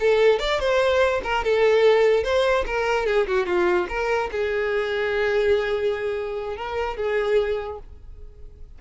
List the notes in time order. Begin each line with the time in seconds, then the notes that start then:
0.00 A4
0.39 D5
0.60 C5
1.23 A#4
1.44 A4
2.24 C5
2.67 A#4
3.06 G#4
3.27 F#4
3.46 F4
3.89 A#4
4.32 G#4
6.57 A#4
6.97 G#4